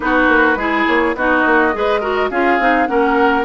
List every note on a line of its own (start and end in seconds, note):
0.00 0.28 B3
0.00 0.56 D#4
0.00 0.58 F#4
0.00 0.85 B4
0.28 0.56 A#3
0.56 0.84 G#3
0.56 1.16 E4
0.56 1.16 G#4
0.86 1.15 A#3
0.86 1.15 C#5
1.15 1.44 B3
1.15 1.72 D#4
1.15 1.74 F#4
1.15 2.30 D#5
1.45 1.74 A#3
1.72 2.30 G#3
1.72 2.01 G#4
1.72 2.00 B4
2.00 2.30 F#4
2.00 2.29 A#4
2.30 2.59 C#4
2.30 2.60 F4
2.30 2.88 G#4
2.30 2.86 F5
2.59 2.87 C4
2.59 2.87 D#4
2.86 3.44 A#3
2.86 3.44 C#4
2.86 3.44 A#4
2.86 3.44 F#5